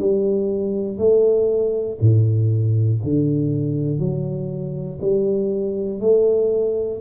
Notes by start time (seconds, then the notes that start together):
0.00 G3
0.98 A3
2.01 A2
3.04 D3
4.00 F#3
5.02 G3
6.01 A3